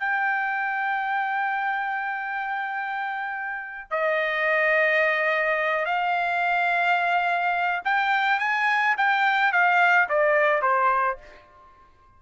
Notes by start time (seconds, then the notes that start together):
0.00 G5
3.91 D#5
5.86 F5
7.85 G5
8.40 G#5
8.98 G5
9.53 F5
10.09 D5
10.62 C5